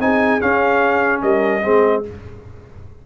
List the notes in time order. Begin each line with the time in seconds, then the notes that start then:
0.00 C4 D#4 G#4 G#5
0.41 C#4 F5
1.22 G3 A#4 D#5
1.63 G#3 C4 G#4